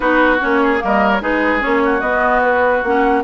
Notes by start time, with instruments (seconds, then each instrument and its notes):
0.00 bassoon B3, clarinet D#4, oboe F#4, flute B4
0.40 bassoon A#3, clarinet C#4, flute C#5
0.63 oboe G#4
0.78 bassoon G3, clarinet A#3, oboe A#4
0.85 flute D#5
1.11 flute C#5
1.20 bassoon G#3, clarinet D#4, oboe G#4, flute B4
1.60 bassoon A#3, clarinet C#4, flute C#5
1.84 oboe F#4
2.00 bassoon B3, clarinet B3, flute D#5
2.42 flute B4
2.83 bassoon A#3, clarinet C#4, flute F#5